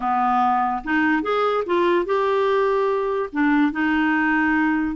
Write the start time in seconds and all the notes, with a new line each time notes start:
0.00 B3
0.84 D#4
1.22 G#4
1.66 F4
2.05 G4
3.32 D4
3.72 D#4